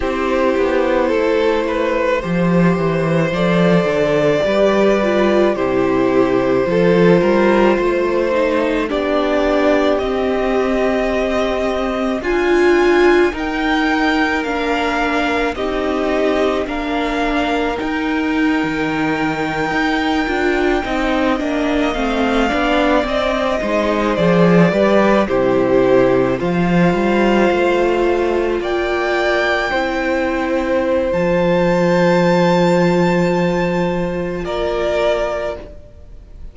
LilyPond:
<<
  \new Staff \with { instrumentName = "violin" } { \time 4/4 \tempo 4 = 54 c''2. d''4~ | d''4 c''2. | d''4 dis''2 gis''4 | g''4 f''4 dis''4 f''4 |
g''2.~ g''8. f''16~ | f''8. dis''4 d''4 c''4 f''16~ | f''4.~ f''16 g''2~ g''16 | a''2. d''4 | }
  \new Staff \with { instrumentName = "violin" } { \time 4/4 g'4 a'8 b'8 c''2 | b'4 g'4 a'8 ais'8 c''4 | g'2. f'4 | ais'2 g'4 ais'4~ |
ais'2~ ais'8. dis''4~ dis''16~ | dis''16 d''4 c''4 b'8 g'4 c''16~ | c''4.~ c''16 d''4 c''4~ c''16~ | c''2. ais'4 | }
  \new Staff \with { instrumentName = "viola" } { \time 4/4 e'2 g'4 a'4 | g'8 f'8 e'4 f'4. dis'8 | d'4 c'2 f'4 | dis'4 d'4 dis'4 d'4 |
dis'2~ dis'16 f'8 dis'8 d'8 c'16~ | c'16 d'8 c'8 dis'8 gis'8 g'8 e'4 f'16~ | f'2~ f'8. e'4~ e'16 | f'1 | }
  \new Staff \with { instrumentName = "cello" } { \time 4/4 c'8 b8 a4 f8 e8 f8 d8 | g4 c4 f8 g8 a4 | b4 c'2 d'4 | dis'4 ais4 c'4 ais4 |
dis'8. dis4 dis'8 d'8 c'8 ais8 a16~ | a16 b8 c'8 gis8 f8 g8 c4 f16~ | f16 g8 a4 ais4 c'4~ c'16 | f2. ais4 | }
>>